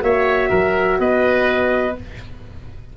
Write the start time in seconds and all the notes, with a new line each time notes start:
0.00 A#3 F#4 C#5 E5
0.50 F#3 A#4
0.99 B3 B4 D#5